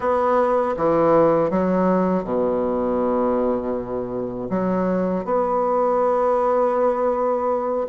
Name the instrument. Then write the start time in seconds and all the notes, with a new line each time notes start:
bassoon
0.00 B3
0.76 E3
1.50 F#3
2.23 B2
4.50 F#3
5.24 B3